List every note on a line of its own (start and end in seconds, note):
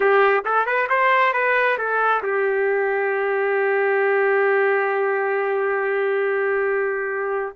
0.00 0.43 G4
0.44 0.65 A4
0.65 0.88 B4
0.89 1.33 C5
1.33 1.77 B4
1.78 2.22 A4
2.22 7.56 G4